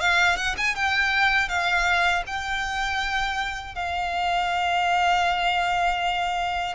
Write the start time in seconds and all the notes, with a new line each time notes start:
0.00 F5
0.36 F#5
0.57 G#5
0.75 G5
1.48 F5
2.27 G5
3.75 F5